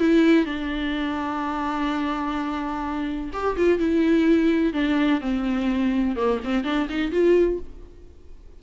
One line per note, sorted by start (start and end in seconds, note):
0.00 0.45 E4
0.45 3.31 D4
3.33 3.57 G4
3.57 3.79 F4
3.79 4.73 E4
4.73 5.21 D4
5.21 6.16 C4
6.16 6.40 A#3
6.44 6.65 C4
6.65 6.88 D4
6.90 7.12 D#4
7.12 7.60 F4